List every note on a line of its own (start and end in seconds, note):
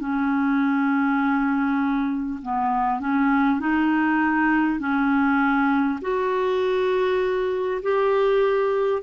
0.00 2.40 C#4
2.42 3.00 B3
3.00 3.60 C#4
3.60 4.79 D#4
4.79 5.99 C#4
6.02 7.82 F#4
7.83 9.03 G4